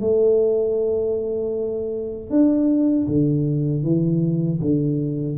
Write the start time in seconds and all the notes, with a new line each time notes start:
0.00 A3
2.29 D4
3.07 D3
3.83 E3
4.61 D3